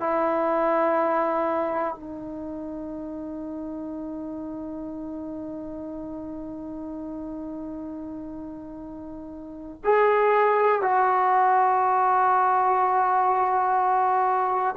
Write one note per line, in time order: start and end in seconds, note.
0.00 1.94 E4
1.94 9.81 D#4
9.84 10.82 G#4
10.82 14.75 F#4